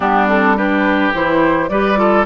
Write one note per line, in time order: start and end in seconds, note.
0.00 1.13 G3
0.00 0.28 B3
0.00 0.56 D4
0.00 0.27 G4
0.28 0.56 C4
0.28 0.57 A4
0.56 1.13 D4
0.56 1.70 G4
0.56 1.13 B4
1.14 1.69 E3
1.14 1.70 E4
1.14 1.68 C5
1.68 2.25 G3
1.68 1.96 G4
1.68 1.99 B4
1.68 2.25 D5
1.96 2.24 F4
1.96 2.25 A4